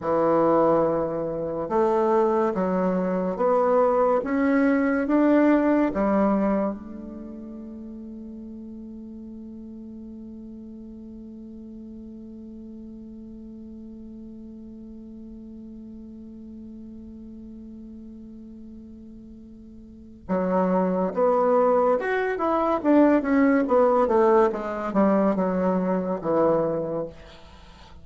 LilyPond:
\new Staff \with { instrumentName = "bassoon" } { \time 4/4 \tempo 4 = 71 e2 a4 fis4 | b4 cis'4 d'4 g4 | a1~ | a1~ |
a1~ | a1 | fis4 b4 fis'8 e'8 d'8 cis'8 | b8 a8 gis8 g8 fis4 e4 | }